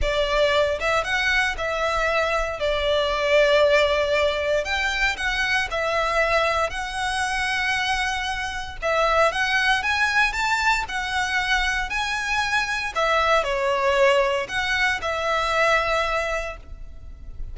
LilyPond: \new Staff \with { instrumentName = "violin" } { \time 4/4 \tempo 4 = 116 d''4. e''8 fis''4 e''4~ | e''4 d''2.~ | d''4 g''4 fis''4 e''4~ | e''4 fis''2.~ |
fis''4 e''4 fis''4 gis''4 | a''4 fis''2 gis''4~ | gis''4 e''4 cis''2 | fis''4 e''2. | }